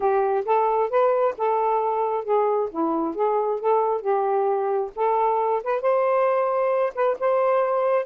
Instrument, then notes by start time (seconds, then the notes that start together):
saxophone
0.00 G4
0.45 A4
0.90 B4
1.37 A4
2.24 G#4
2.70 E4
3.15 G#4
3.60 A4
4.01 G4
4.95 A4
5.63 B4
5.81 C5
6.94 B4
7.19 C5